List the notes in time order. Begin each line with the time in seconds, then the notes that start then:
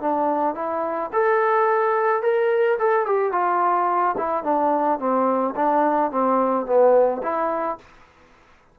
0.00 D4
0.54 E4
1.12 A4
2.22 A#4
2.78 A4
3.06 G4
3.32 F4
4.17 E4
4.43 D4
4.98 C4
5.55 D4
6.11 C4
6.66 B3
7.22 E4